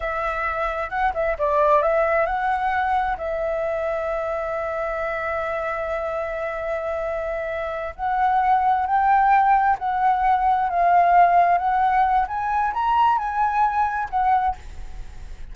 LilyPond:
\new Staff \with { instrumentName = "flute" } { \time 4/4 \tempo 4 = 132 e''2 fis''8 e''8 d''4 | e''4 fis''2 e''4~ | e''1~ | e''1~ |
e''4. fis''2 g''8~ | g''4. fis''2 f''8~ | f''4. fis''4. gis''4 | ais''4 gis''2 fis''4 | }